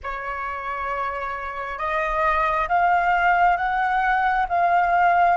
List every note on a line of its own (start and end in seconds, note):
0.02 1.78 C#5
1.78 2.68 D#5
2.68 3.56 F5
3.56 4.46 F#5
4.49 5.37 F5